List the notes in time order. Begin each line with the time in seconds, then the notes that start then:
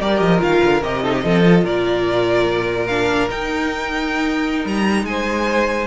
0.00 G3 G4 A#4 D5
0.19 F3 D#5
0.39 D#3 F4 F5
0.64 D3
0.83 C3 G4 D#5
1.03 D#4 A4
1.12 G4
1.24 F3 C4 A4
1.43 F4
1.64 A#2 A#4 D5
2.87 D4 F5
3.29 D#4 G5
4.65 G3 A#5
5.03 G#3 C5 G#5